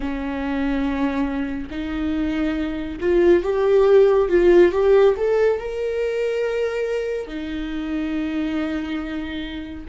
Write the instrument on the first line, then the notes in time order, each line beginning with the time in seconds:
viola
0.00 C#4
1.70 D#4
3.00 F4
3.43 G4
4.29 F4
4.72 G4
5.16 A4
5.59 A#4
7.27 D#4